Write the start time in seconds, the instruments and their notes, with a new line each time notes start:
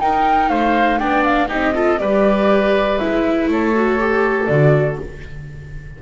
0.00 double bass D#4, viola D#4, oboe A#4, flute G5
0.49 double bass A3, oboe C5, flute F5
0.99 double bass B3, viola D4, oboe D5, flute G5
1.24 flute F5
1.48 double bass C4, viola D#4, oboe G4, flute D#5
1.75 viola F4, oboe A4
1.99 double bass G3, viola G4, oboe B4, flute D5
2.98 double bass G#3, viola E4, flute E5
3.49 double bass A3, oboe A4, flute C#5
3.75 viola F#4
3.99 viola G4
4.46 double bass D3, viola F#4, flute D5